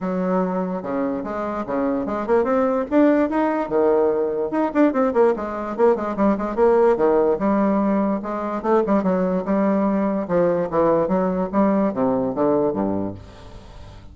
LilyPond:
\new Staff \with { instrumentName = "bassoon" } { \time 4/4 \tempo 4 = 146 fis2 cis4 gis4 | cis4 gis8 ais8 c'4 d'4 | dis'4 dis2 dis'8 d'8 | c'8 ais8 gis4 ais8 gis8 g8 gis8 |
ais4 dis4 g2 | gis4 a8 g8 fis4 g4~ | g4 f4 e4 fis4 | g4 c4 d4 g,4 | }